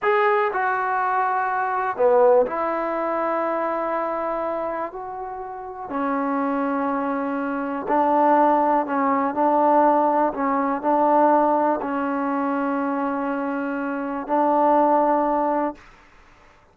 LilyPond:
\new Staff \with { instrumentName = "trombone" } { \time 4/4 \tempo 4 = 122 gis'4 fis'2. | b4 e'2.~ | e'2 fis'2 | cis'1 |
d'2 cis'4 d'4~ | d'4 cis'4 d'2 | cis'1~ | cis'4 d'2. | }